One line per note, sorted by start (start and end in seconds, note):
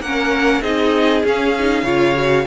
0.00 0.61 A#3
0.00 0.62 A#4
0.00 0.62 F#5
0.06 0.62 C#4
0.62 1.23 C4
0.62 1.24 D#4
0.62 1.84 G#4
0.62 1.23 D#5
1.24 1.54 C#4
1.24 1.83 C#4
1.24 2.47 F5
1.59 1.85 D#4
1.83 2.45 C#3
1.83 2.15 F4
1.83 2.45 C#5
2.15 2.46 F#4